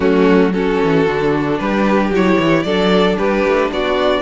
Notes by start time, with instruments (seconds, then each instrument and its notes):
0.00 cello F#3, viola A3, violin C#4 F#4
0.53 viola C#4, violin F#4 A4
0.83 cello E3
1.07 cello D3, viola D4
1.58 cello G3, violin G4 B4
2.10 cello F#3, viola E4, violin C#5
2.38 cello E3
2.62 cello F#3, viola D4, violin A4 D5
3.17 cello G3, violin G4 B4
3.46 cello A3
3.70 cello B3, violin F#4 D5